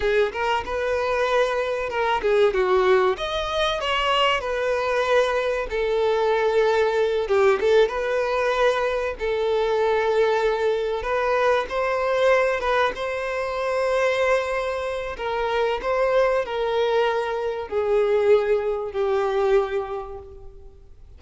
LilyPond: \new Staff \with { instrumentName = "violin" } { \time 4/4 \tempo 4 = 95 gis'8 ais'8 b'2 ais'8 gis'8 | fis'4 dis''4 cis''4 b'4~ | b'4 a'2~ a'8 g'8 | a'8 b'2 a'4.~ |
a'4. b'4 c''4. | b'8 c''2.~ c''8 | ais'4 c''4 ais'2 | gis'2 g'2 | }